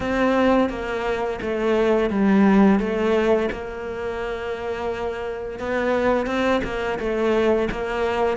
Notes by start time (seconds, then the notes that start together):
0.00 C4
0.69 A#3
1.41 A3
2.09 G3
2.79 A3
3.51 A#3
5.59 B3
6.26 C4
6.64 A#3
6.99 A3
7.71 A#3